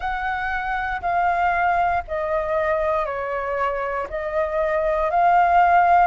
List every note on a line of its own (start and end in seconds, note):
0.00 1.01 F#5
1.01 2.03 F5
2.07 3.05 D#5
3.05 4.07 C#5
4.09 5.10 D#5
5.10 6.07 F5